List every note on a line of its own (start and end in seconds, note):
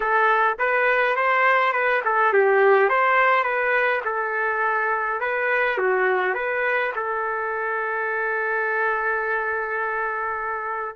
0.00 0.57 A4
0.58 1.16 B4
1.16 1.72 C5
1.72 2.01 B4
2.04 2.33 A4
2.33 2.89 G4
2.89 3.43 C5
3.43 4.01 B4
4.04 5.20 A4
5.20 5.77 B4
5.77 6.34 F#4
6.34 6.92 B4
6.95 10.95 A4